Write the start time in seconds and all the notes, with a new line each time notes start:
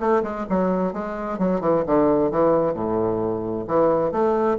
0.00 A3
0.24 G#3
0.50 F#3
0.93 G#3
1.39 F#3
1.61 E3
1.87 D3
2.31 E3
2.74 A2
3.68 E3
4.12 A3